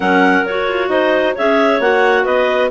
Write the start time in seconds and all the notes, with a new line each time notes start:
0.00 F#3 C#4 A#4 F#5
0.45 F#4 C#5
0.68 F4
0.89 D#4 C5 D#5
1.34 C#4 G#4 C#5 E5
1.79 A#3 F#4 F#5
2.23 B3 B4 D#5